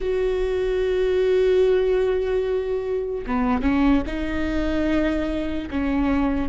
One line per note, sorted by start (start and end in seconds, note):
0.00 3.25 F#4
3.26 3.62 B3
3.62 4.02 C#4
4.06 5.68 D#4
5.70 6.49 C#4